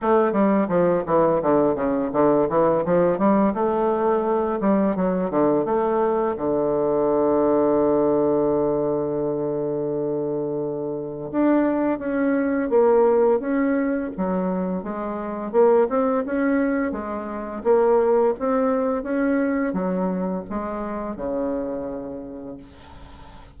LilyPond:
\new Staff \with { instrumentName = "bassoon" } { \time 4/4 \tempo 4 = 85 a8 g8 f8 e8 d8 cis8 d8 e8 | f8 g8 a4. g8 fis8 d8 | a4 d2.~ | d1 |
d'4 cis'4 ais4 cis'4 | fis4 gis4 ais8 c'8 cis'4 | gis4 ais4 c'4 cis'4 | fis4 gis4 cis2 | }